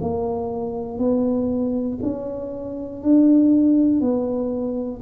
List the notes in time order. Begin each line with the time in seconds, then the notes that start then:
0.00 A#3
0.98 B3
2.02 C#4
3.02 D4
4.00 B3